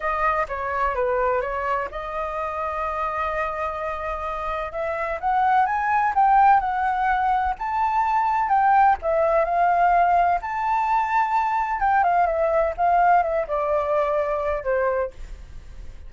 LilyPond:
\new Staff \with { instrumentName = "flute" } { \time 4/4 \tempo 4 = 127 dis''4 cis''4 b'4 cis''4 | dis''1~ | dis''2 e''4 fis''4 | gis''4 g''4 fis''2 |
a''2 g''4 e''4 | f''2 a''2~ | a''4 g''8 f''8 e''4 f''4 | e''8 d''2~ d''8 c''4 | }